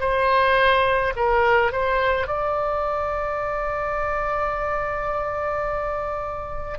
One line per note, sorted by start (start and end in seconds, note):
0.00 1.13 C5
1.16 1.71 A#4
1.71 2.27 C5
2.27 6.78 D5